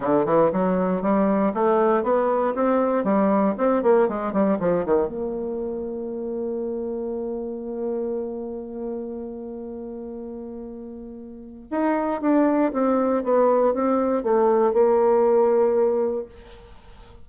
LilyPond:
\new Staff \with { instrumentName = "bassoon" } { \time 4/4 \tempo 4 = 118 d8 e8 fis4 g4 a4 | b4 c'4 g4 c'8 ais8 | gis8 g8 f8 dis8 ais2~ | ais1~ |
ais1~ | ais2. dis'4 | d'4 c'4 b4 c'4 | a4 ais2. | }